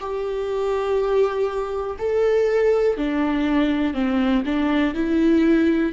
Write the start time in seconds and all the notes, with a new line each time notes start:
0.00 G4
1.99 A4
2.97 D4
3.94 C4
4.45 D4
4.94 E4